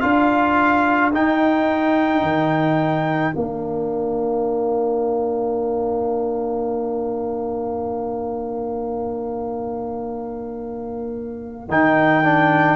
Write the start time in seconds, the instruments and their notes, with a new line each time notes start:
0.00 tuba D4, trombone F4, horn A#4, trumpet F5
1.13 trombone D#4, tuba D#4, trumpet G5
2.22 tuba D#3
3.33 tuba A#3, trombone D4, trumpet F5
11.69 tuba D#3, trombone D#4, trumpet G5
12.24 trombone D4